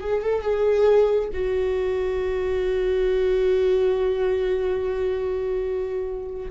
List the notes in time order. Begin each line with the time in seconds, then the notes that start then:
0.00 G#4
0.22 A4
0.42 G#4
1.33 F#4